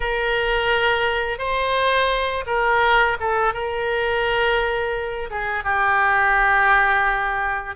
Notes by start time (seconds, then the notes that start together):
0.00 A#4
1.38 C5
2.46 A#4
3.20 A4
3.53 A#4
5.30 G#4
5.64 G4